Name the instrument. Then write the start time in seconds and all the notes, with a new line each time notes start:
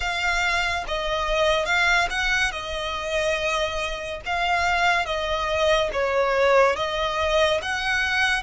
violin
0.00 F5
0.87 D#5
1.65 F5
2.09 F#5
2.51 D#5
4.25 F5
5.05 D#5
5.92 C#5
6.76 D#5
7.62 F#5